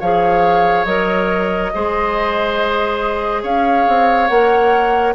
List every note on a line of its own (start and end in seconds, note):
0.00 0.85 F3
0.00 0.86 G#4
0.00 1.71 C#5
0.00 0.85 F5
0.85 1.71 F#3
0.85 1.72 A#4
0.85 3.42 D#5
1.74 3.43 G#3
1.74 4.30 G#4
1.74 3.42 C5
3.42 3.86 C#4
3.42 5.14 C#5
3.42 4.27 F5
3.88 4.29 C4
4.27 5.15 A#3
4.27 5.15 A#4
4.27 5.13 F#5